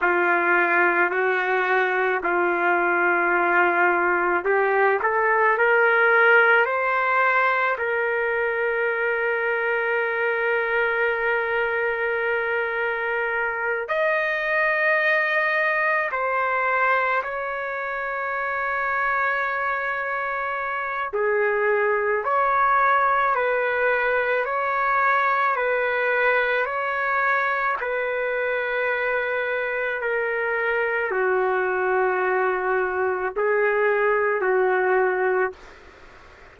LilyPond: \new Staff \with { instrumentName = "trumpet" } { \time 4/4 \tempo 4 = 54 f'4 fis'4 f'2 | g'8 a'8 ais'4 c''4 ais'4~ | ais'1~ | ais'8 dis''2 c''4 cis''8~ |
cis''2. gis'4 | cis''4 b'4 cis''4 b'4 | cis''4 b'2 ais'4 | fis'2 gis'4 fis'4 | }